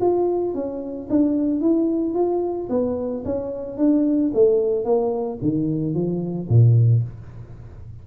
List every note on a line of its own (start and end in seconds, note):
0.00 0.54 F4
0.54 1.08 C#4
1.10 1.60 D4
1.60 2.14 E4
2.14 2.68 F4
2.69 3.23 B3
3.24 3.77 C#4
3.77 4.31 D4
4.33 4.84 A3
4.84 5.38 A#3
5.41 5.94 D#3
5.94 6.48 F3
6.48 7.02 A#2